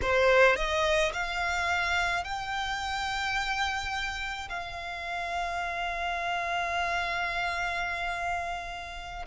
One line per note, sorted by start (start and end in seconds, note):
0.01 0.56 C5
0.56 1.12 D#5
1.12 2.24 F5
2.24 4.48 G5
4.49 9.25 F5